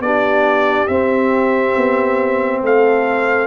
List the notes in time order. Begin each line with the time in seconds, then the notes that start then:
0.00 B3 D4 G4 D5
0.87 C4 E5
1.77 B3
2.62 A3 A4 F5